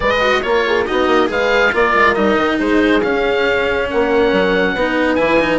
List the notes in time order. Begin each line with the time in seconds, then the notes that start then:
0.00 G#3 G#4 B4 D#5
0.21 F#4
0.42 A#3 F4 A#4 C#5
0.66 G#4
0.85 D#4 F#4 D#5
0.91 B3
1.06 A#3
1.26 G#3 G#4 B4 F5
1.72 A#3 F4 A#4 D5
1.94 G#3
2.14 G3 D#4 D#5
2.36 D#3
2.58 G#3 G#4 C5
3.02 C#4 F5
3.90 A#3 A#4 F#5
4.32 F#3
4.73 B3 D#4 B4
5.15 E3 E4 G#5
5.39 D#4